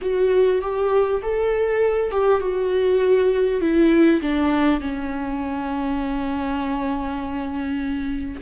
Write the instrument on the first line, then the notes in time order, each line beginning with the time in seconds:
viola
0.01 F#4
0.61 G4
1.22 A4
2.11 G4
2.41 F#4
3.61 E4
4.21 D4
4.80 C#4